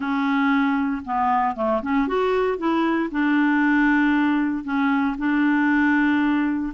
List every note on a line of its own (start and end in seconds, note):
0.00 1.02 C#4
1.05 1.55 B3
1.55 1.81 A3
1.82 2.07 C#4
2.07 2.58 F#4
2.58 3.09 E4
3.11 4.64 D4
4.64 5.16 C#4
5.17 6.73 D4